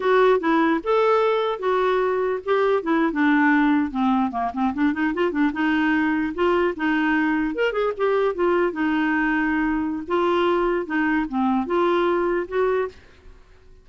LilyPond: \new Staff \with { instrumentName = "clarinet" } { \time 4/4 \tempo 4 = 149 fis'4 e'4 a'2 | fis'2 g'4 e'8. d'16~ | d'4.~ d'16 c'4 ais8 c'8 d'16~ | d'16 dis'8 f'8 d'8 dis'2 f'16~ |
f'8. dis'2 ais'8 gis'8 g'16~ | g'8. f'4 dis'2~ dis'16~ | dis'4 f'2 dis'4 | c'4 f'2 fis'4 | }